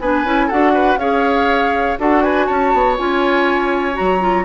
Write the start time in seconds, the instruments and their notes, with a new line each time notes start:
0.00 bassoon B3, clarinet D4, oboe B4, flute G#5
0.24 bassoon C#4, clarinet E4
0.47 bassoon D4, clarinet F#4, oboe A4, flute F#5
0.74 oboe B4
0.96 bassoon C#4, clarinet G#4, oboe C#5, flute F5
1.99 bassoon D4, clarinet F#4, oboe A4, flute F#5
2.23 oboe B4, flute G#5
2.46 bassoon C#4, oboe C#5, flute A5
2.73 bassoon B3
2.97 bassoon C#4, clarinet F4, flute G#5
3.93 clarinet F#4, flute A#5
4.00 bassoon F#3
4.20 clarinet F4